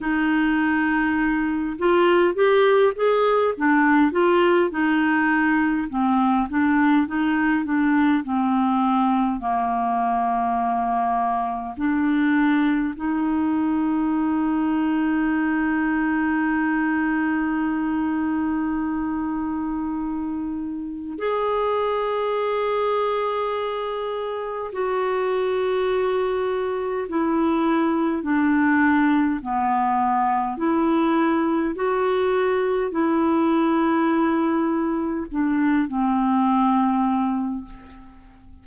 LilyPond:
\new Staff \with { instrumentName = "clarinet" } { \time 4/4 \tempo 4 = 51 dis'4. f'8 g'8 gis'8 d'8 f'8 | dis'4 c'8 d'8 dis'8 d'8 c'4 | ais2 d'4 dis'4~ | dis'1~ |
dis'2 gis'2~ | gis'4 fis'2 e'4 | d'4 b4 e'4 fis'4 | e'2 d'8 c'4. | }